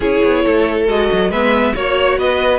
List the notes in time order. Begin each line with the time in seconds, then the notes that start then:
0.00 C#4 E4 G#4 C#5
0.23 B3
0.44 A3 A4
0.87 G#3 F#4 D#5
1.12 F#3
1.29 G#3 B3 B4 E5
1.74 A#3 F#4 C#5
2.18 B3 B4 D#5